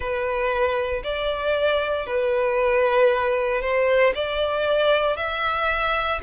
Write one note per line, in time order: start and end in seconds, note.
0.00 1.03 B4
1.03 2.06 D5
2.06 3.61 B4
3.61 4.13 C5
4.14 5.16 D5
5.16 6.20 E5